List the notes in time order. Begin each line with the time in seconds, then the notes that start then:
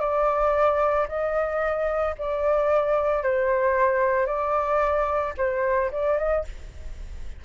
0.00 D5
1.09 D#5
2.19 D5
3.23 C5
4.27 D5
5.38 C5
5.92 D5
6.18 D#5